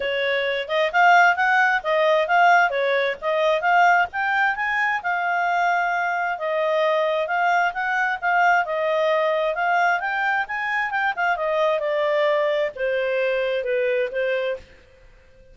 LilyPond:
\new Staff \with { instrumentName = "clarinet" } { \time 4/4 \tempo 4 = 132 cis''4. dis''8 f''4 fis''4 | dis''4 f''4 cis''4 dis''4 | f''4 g''4 gis''4 f''4~ | f''2 dis''2 |
f''4 fis''4 f''4 dis''4~ | dis''4 f''4 g''4 gis''4 | g''8 f''8 dis''4 d''2 | c''2 b'4 c''4 | }